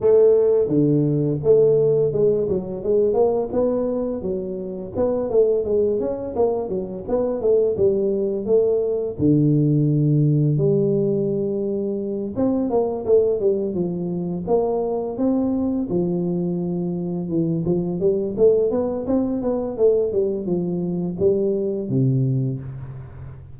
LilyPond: \new Staff \with { instrumentName = "tuba" } { \time 4/4 \tempo 4 = 85 a4 d4 a4 gis8 fis8 | gis8 ais8 b4 fis4 b8 a8 | gis8 cis'8 ais8 fis8 b8 a8 g4 | a4 d2 g4~ |
g4. c'8 ais8 a8 g8 f8~ | f8 ais4 c'4 f4.~ | f8 e8 f8 g8 a8 b8 c'8 b8 | a8 g8 f4 g4 c4 | }